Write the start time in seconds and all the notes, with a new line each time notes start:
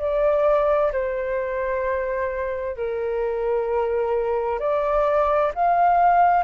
0.00 D5
0.92 C5
2.77 A#4
4.60 D5
5.55 F5